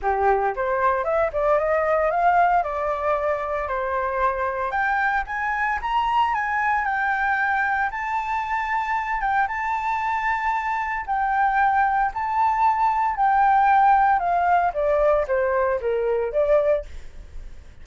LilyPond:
\new Staff \with { instrumentName = "flute" } { \time 4/4 \tempo 4 = 114 g'4 c''4 e''8 d''8 dis''4 | f''4 d''2 c''4~ | c''4 g''4 gis''4 ais''4 | gis''4 g''2 a''4~ |
a''4. g''8 a''2~ | a''4 g''2 a''4~ | a''4 g''2 f''4 | d''4 c''4 ais'4 d''4 | }